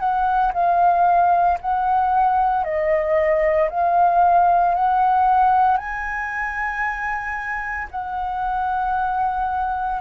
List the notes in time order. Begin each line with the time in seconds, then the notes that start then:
0.00 F#5
0.54 F5
1.61 F#5
2.64 D#5
3.70 F5
4.75 F#5
5.78 G#5
7.91 F#5